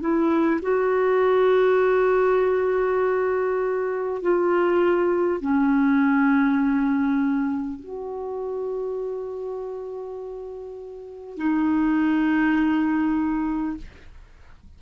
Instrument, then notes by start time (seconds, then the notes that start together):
clarinet
0.00 E4
0.62 F#4
4.22 F4
5.41 C#4
7.80 F#4
11.37 D#4